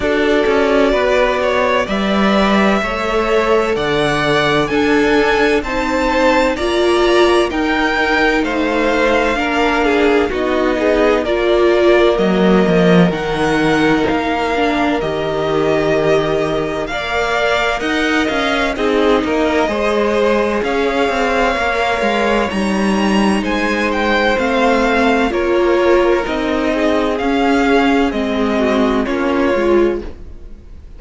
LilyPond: <<
  \new Staff \with { instrumentName = "violin" } { \time 4/4 \tempo 4 = 64 d''2 e''2 | fis''4 gis''4 a''4 ais''4 | g''4 f''2 dis''4 | d''4 dis''4 fis''4 f''4 |
dis''2 f''4 fis''8 f''8 | dis''2 f''2 | ais''4 gis''8 g''8 f''4 cis''4 | dis''4 f''4 dis''4 cis''4 | }
  \new Staff \with { instrumentName = "violin" } { \time 4/4 a'4 b'8 cis''8 d''4 cis''4 | d''4 a'4 c''4 d''4 | ais'4 c''4 ais'8 gis'8 fis'8 gis'8 | ais'1~ |
ais'2 d''4 dis''4 | gis'8 ais'8 c''4 cis''2~ | cis''4 c''2 ais'4~ | ais'8 gis'2 fis'8 f'4 | }
  \new Staff \with { instrumentName = "viola" } { \time 4/4 fis'2 b'4 a'4~ | a'4 d'4 dis'4 f'4 | dis'2 d'4 dis'4 | f'4 ais4 dis'4. d'8 |
g'2 ais'2 | dis'4 gis'2 ais'4 | dis'2 c'4 f'4 | dis'4 cis'4 c'4 cis'8 f'8 | }
  \new Staff \with { instrumentName = "cello" } { \time 4/4 d'8 cis'8 b4 g4 a4 | d4 d'4 c'4 ais4 | dis'4 a4 ais4 b4 | ais4 fis8 f8 dis4 ais4 |
dis2 ais4 dis'8 cis'8 | c'8 ais8 gis4 cis'8 c'8 ais8 gis8 | g4 gis4 a4 ais4 | c'4 cis'4 gis4 ais8 gis8 | }
>>